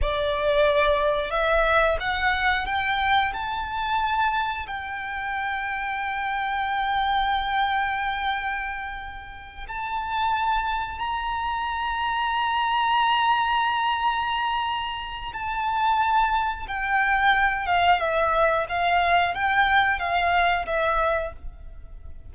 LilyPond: \new Staff \with { instrumentName = "violin" } { \time 4/4 \tempo 4 = 90 d''2 e''4 fis''4 | g''4 a''2 g''4~ | g''1~ | g''2~ g''8 a''4.~ |
a''8 ais''2.~ ais''8~ | ais''2. a''4~ | a''4 g''4. f''8 e''4 | f''4 g''4 f''4 e''4 | }